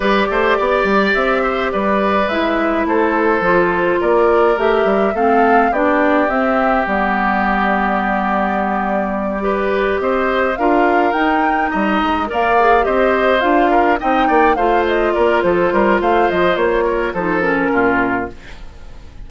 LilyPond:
<<
  \new Staff \with { instrumentName = "flute" } { \time 4/4 \tempo 4 = 105 d''2 e''4 d''4 | e''4 c''2 d''4 | e''4 f''4 d''4 e''4 | d''1~ |
d''4. dis''4 f''4 g''8~ | g''8 ais''4 f''4 dis''4 f''8~ | f''8 g''4 f''8 dis''8 d''8 c''4 | f''8 dis''8 cis''4 c''8 ais'4. | }
  \new Staff \with { instrumentName = "oboe" } { \time 4/4 b'8 c''8 d''4. c''8 b'4~ | b'4 a'2 ais'4~ | ais'4 a'4 g'2~ | g'1~ |
g'8 b'4 c''4 ais'4.~ | ais'8 dis''4 d''4 c''4. | ais'8 dis''8 d''8 c''4 ais'8 a'8 ais'8 | c''4. ais'8 a'4 f'4 | }
  \new Staff \with { instrumentName = "clarinet" } { \time 4/4 g'1 | e'2 f'2 | g'4 c'4 d'4 c'4 | b1~ |
b8 g'2 f'4 dis'8~ | dis'4. ais'8 gis'8 g'4 f'8~ | f'8 dis'4 f'2~ f'8~ | f'2 dis'8 cis'4. | }
  \new Staff \with { instrumentName = "bassoon" } { \time 4/4 g8 a8 b8 g8 c'4 g4 | gis4 a4 f4 ais4 | a8 g8 a4 b4 c'4 | g1~ |
g4. c'4 d'4 dis'8~ | dis'8 g8 gis8 ais4 c'4 d'8~ | d'8 c'8 ais8 a4 ais8 f8 g8 | a8 f8 ais4 f4 ais,4 | }
>>